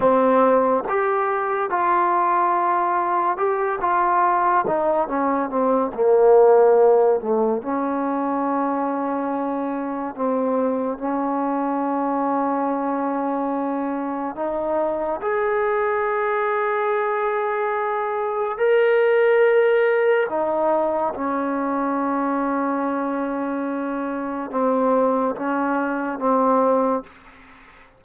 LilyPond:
\new Staff \with { instrumentName = "trombone" } { \time 4/4 \tempo 4 = 71 c'4 g'4 f'2 | g'8 f'4 dis'8 cis'8 c'8 ais4~ | ais8 a8 cis'2. | c'4 cis'2.~ |
cis'4 dis'4 gis'2~ | gis'2 ais'2 | dis'4 cis'2.~ | cis'4 c'4 cis'4 c'4 | }